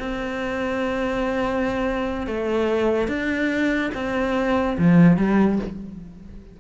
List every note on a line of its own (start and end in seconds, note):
0.00 2.28 C4
2.28 3.08 A3
3.08 3.92 D4
3.95 4.78 C4
4.79 5.18 F3
5.18 5.59 G3